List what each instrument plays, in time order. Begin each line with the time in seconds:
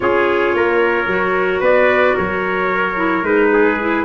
0.00 tuba C#4, clarinet F4, trumpet G#4 C#5
0.54 tuba A#3, trumpet A#4
1.06 tuba F#3, clarinet F#4
1.60 tuba B3, trumpet B4 D5
2.14 tuba F#3, trumpet A#4 C#5
2.96 clarinet E4
3.22 tuba G#3, clarinet D#4, trumpet B4
3.53 trumpet G#4
3.80 clarinet E4